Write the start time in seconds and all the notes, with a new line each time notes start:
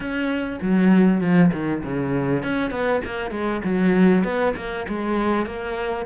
0.00 C#4
0.61 F#3
1.20 F3
1.52 D#3
1.83 C#3
2.43 C#4
2.70 B3
3.05 A#3
3.30 G#3
3.64 F#3
4.24 B3
4.55 A#3
4.88 G#3
5.45 A#3